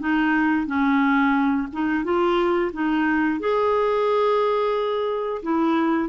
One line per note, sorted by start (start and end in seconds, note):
0.00 0.67 D#4
0.67 1.68 C#4
1.73 2.04 D#4
2.04 2.72 F4
2.73 3.40 D#4
3.40 5.42 G#4
5.43 6.09 E4